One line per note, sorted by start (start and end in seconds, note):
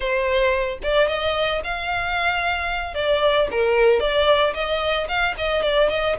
0.00 0.78 C5
0.82 1.08 D5
1.08 1.61 D#5
1.64 2.94 F5
2.94 3.48 D5
3.51 4.00 A#4
4.00 4.53 D5
4.53 5.07 D#5
5.08 5.34 F5
5.37 5.62 D#5
5.62 5.89 D5
5.89 6.16 D#5